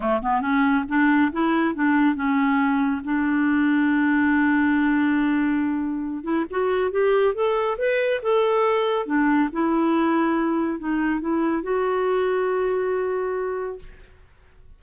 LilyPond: \new Staff \with { instrumentName = "clarinet" } { \time 4/4 \tempo 4 = 139 a8 b8 cis'4 d'4 e'4 | d'4 cis'2 d'4~ | d'1~ | d'2~ d'8 e'8 fis'4 |
g'4 a'4 b'4 a'4~ | a'4 d'4 e'2~ | e'4 dis'4 e'4 fis'4~ | fis'1 | }